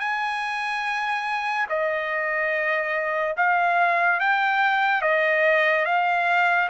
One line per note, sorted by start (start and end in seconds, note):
0.00 1.67 G#5
1.69 3.36 D#5
3.37 4.20 F5
4.20 5.02 G5
5.02 5.85 D#5
5.86 6.69 F5